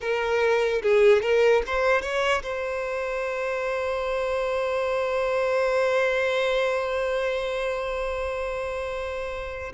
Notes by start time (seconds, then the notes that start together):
0.00 A#4
0.82 G#4
1.22 A#4
1.66 C5
2.01 C#5
2.43 C5